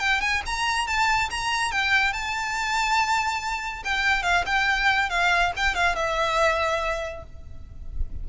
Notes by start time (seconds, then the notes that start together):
0.00 G5
0.21 G#5
0.46 A#5
0.88 A5
1.31 A#5
1.72 G5
2.13 A5
3.85 G5
4.23 F5
4.47 G5
5.10 F5
5.57 G5
5.75 F5
5.96 E5